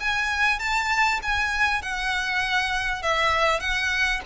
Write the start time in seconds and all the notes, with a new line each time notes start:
0.00 G#5
0.59 A5
1.22 G#5
1.82 F#5
3.02 E5
3.60 F#5